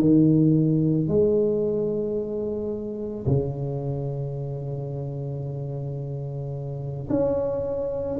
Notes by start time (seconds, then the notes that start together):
0.00 D#3
1.08 G#3
3.27 C#3
7.10 C#4